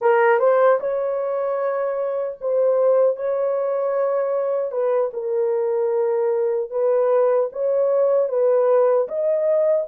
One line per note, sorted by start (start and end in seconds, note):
0.01 0.39 A#4
0.39 0.79 C5
0.80 2.38 C#5
2.40 3.16 C5
3.16 4.71 C#5
4.71 5.11 B4
5.13 6.70 A#4
6.70 7.49 B4
7.52 8.28 C#5
8.28 9.07 B4
9.08 9.86 D#5